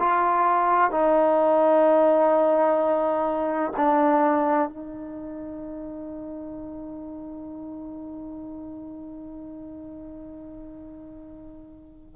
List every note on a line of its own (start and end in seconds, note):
0.00 0.92 F4
0.92 3.73 D#4
3.77 4.69 D4
4.69 12.17 D#4